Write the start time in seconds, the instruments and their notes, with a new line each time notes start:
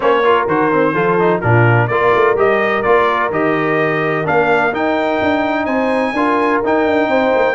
0.00 tuba A#3, trombone C#4, horn C5, trumpet C#5
0.24 trombone F4, horn A#4
0.46 tuba D#3, trombone F#4, trumpet C5
0.72 trombone C4
0.93 tuba F3, trombone F4, horn A4
1.19 trombone D#4
1.40 tuba A#2, trombone D4, horn F4, trumpet A#4
1.87 tuba A#3, trombone F4, horn A#4, trumpet D5
2.15 tuba A3
2.34 tuba G3, trombone G4, trumpet D#5
2.82 tuba A#3, trombone F4, trumpet D5
3.30 tuba D#3, trombone G4, trumpet D#5
4.24 tuba A#3, trombone D4, trumpet F5
4.71 tuba D#4, trombone D#4, trumpet G5
5.21 tuba D4
5.65 tuba C4, horn C5, trumpet G#5
6.12 tuba D4, trombone F4, horn A#4
6.63 tuba D#4, trombone D#4, trumpet G5
6.85 tuba D4
7.07 tuba C4, horn C5
7.35 tuba A#3